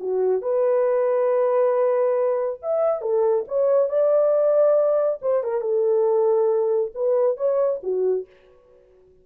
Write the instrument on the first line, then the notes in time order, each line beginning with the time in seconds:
horn
0.00 F#4
0.42 B4
2.62 E5
3.01 A4
3.48 C#5
3.89 D5
5.22 C5
5.43 A#4
5.61 A4
6.95 B4
7.37 C#5
7.83 F#4